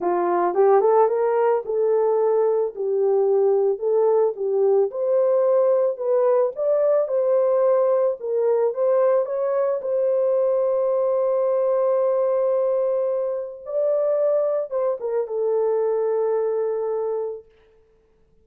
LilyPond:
\new Staff \with { instrumentName = "horn" } { \time 4/4 \tempo 4 = 110 f'4 g'8 a'8 ais'4 a'4~ | a'4 g'2 a'4 | g'4 c''2 b'4 | d''4 c''2 ais'4 |
c''4 cis''4 c''2~ | c''1~ | c''4 d''2 c''8 ais'8 | a'1 | }